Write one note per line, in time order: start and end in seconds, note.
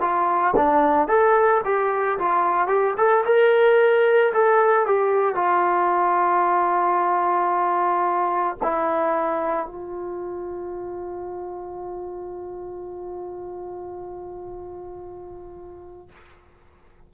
0.00 0.54 F4
0.56 1.08 D4
1.08 1.61 A4
1.64 2.18 G4
2.18 2.67 F4
2.67 2.94 G4
2.97 3.24 A4
3.25 4.32 A#4
4.33 4.86 A4
4.86 5.35 G4
5.35 8.56 F4
8.62 9.66 E4
9.66 16.09 F4